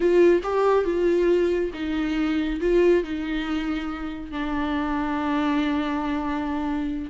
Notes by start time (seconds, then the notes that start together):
0.00 F4
0.43 G4
0.84 F4
1.73 D#4
2.60 F4
3.03 D#4
4.31 D4